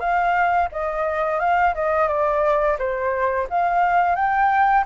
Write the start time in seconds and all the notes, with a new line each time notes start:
0.00 F5
0.72 D#5
1.40 F5
1.75 D#5
2.08 D5
2.79 C5
3.50 F5
4.15 G5